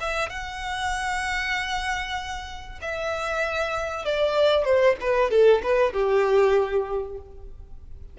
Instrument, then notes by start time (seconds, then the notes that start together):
violin
0.00 E5
0.29 F#5
2.81 E5
4.05 D5
4.64 C5
5.00 B4
5.30 A4
5.63 B4
5.93 G4